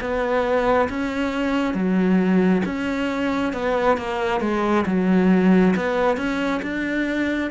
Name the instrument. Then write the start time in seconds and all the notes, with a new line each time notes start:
cello
0.00 B3
0.89 C#4
1.74 F#3
2.65 C#4
3.53 B3
3.97 A#3
4.40 G#3
4.86 F#3
5.76 B3
6.17 C#4
6.62 D4